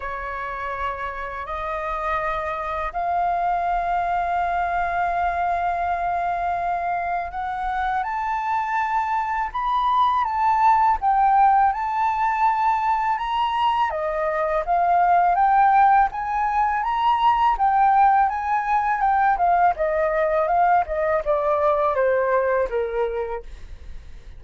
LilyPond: \new Staff \with { instrumentName = "flute" } { \time 4/4 \tempo 4 = 82 cis''2 dis''2 | f''1~ | f''2 fis''4 a''4~ | a''4 b''4 a''4 g''4 |
a''2 ais''4 dis''4 | f''4 g''4 gis''4 ais''4 | g''4 gis''4 g''8 f''8 dis''4 | f''8 dis''8 d''4 c''4 ais'4 | }